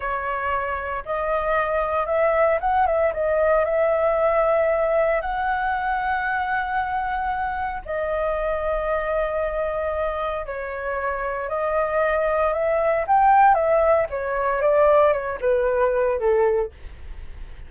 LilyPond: \new Staff \with { instrumentName = "flute" } { \time 4/4 \tempo 4 = 115 cis''2 dis''2 | e''4 fis''8 e''8 dis''4 e''4~ | e''2 fis''2~ | fis''2. dis''4~ |
dis''1 | cis''2 dis''2 | e''4 g''4 e''4 cis''4 | d''4 cis''8 b'4. a'4 | }